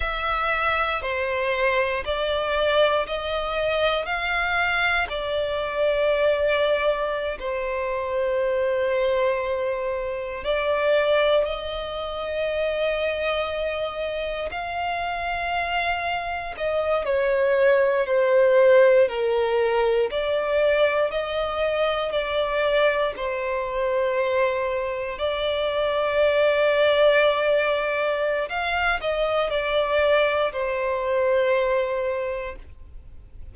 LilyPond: \new Staff \with { instrumentName = "violin" } { \time 4/4 \tempo 4 = 59 e''4 c''4 d''4 dis''4 | f''4 d''2~ d''16 c''8.~ | c''2~ c''16 d''4 dis''8.~ | dis''2~ dis''16 f''4.~ f''16~ |
f''16 dis''8 cis''4 c''4 ais'4 d''16~ | d''8. dis''4 d''4 c''4~ c''16~ | c''8. d''2.~ d''16 | f''8 dis''8 d''4 c''2 | }